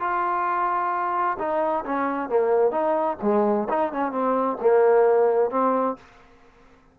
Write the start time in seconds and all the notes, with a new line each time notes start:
0.00 F4
1.39 D#4
1.85 C#4
2.29 A#3
2.71 D#4
3.22 G#3
3.69 D#4
3.92 C#4
4.11 C4
4.61 A#3
5.50 C4